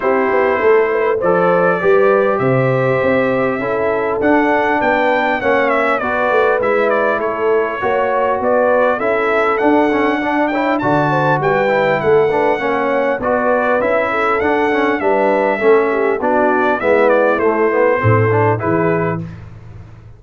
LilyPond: <<
  \new Staff \with { instrumentName = "trumpet" } { \time 4/4 \tempo 4 = 100 c''2 d''2 | e''2. fis''4 | g''4 fis''8 e''8 d''4 e''8 d''8 | cis''2 d''4 e''4 |
fis''4. g''8 a''4 g''4 | fis''2 d''4 e''4 | fis''4 e''2 d''4 | e''8 d''8 c''2 b'4 | }
  \new Staff \with { instrumentName = "horn" } { \time 4/4 g'4 a'8 b'8 c''4 b'4 | c''2 a'2 | b'4 cis''4 b'2 | a'4 cis''4 b'4 a'4~ |
a'4 d''8 cis''8 d''8 c''8 b'4 | a'8 b'8 cis''4 b'4. a'8~ | a'4 b'4 a'8 g'8 fis'4 | e'2 a'4 gis'4 | }
  \new Staff \with { instrumentName = "trombone" } { \time 4/4 e'2 a'4 g'4~ | g'2 e'4 d'4~ | d'4 cis'4 fis'4 e'4~ | e'4 fis'2 e'4 |
d'8 cis'8 d'8 e'8 fis'4. e'8~ | e'8 d'8 cis'4 fis'4 e'4 | d'8 cis'8 d'4 cis'4 d'4 | b4 a8 b8 c'8 d'8 e'4 | }
  \new Staff \with { instrumentName = "tuba" } { \time 4/4 c'8 b8 a4 f4 g4 | c4 c'4 cis'4 d'4 | b4 ais4 b8 a8 gis4 | a4 ais4 b4 cis'4 |
d'2 d4 g4 | a4 ais4 b4 cis'4 | d'4 g4 a4 b4 | gis4 a4 a,4 e4 | }
>>